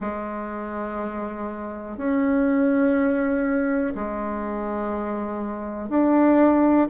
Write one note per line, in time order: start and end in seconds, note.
0.00 1.97 G#3
1.97 3.93 C#4
3.94 5.89 G#3
5.89 6.87 D4